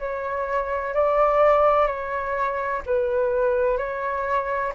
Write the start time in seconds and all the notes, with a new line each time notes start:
0.00 C#5
0.94 D5
1.87 C#5
2.87 B4
3.78 C#5